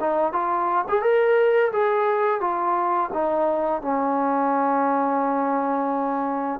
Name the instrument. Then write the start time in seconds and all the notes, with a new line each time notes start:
trombone
0.00 D#4
0.33 F4
0.88 G#4
1.02 A#4
1.72 G#4
2.40 F4
3.13 D#4
3.82 C#4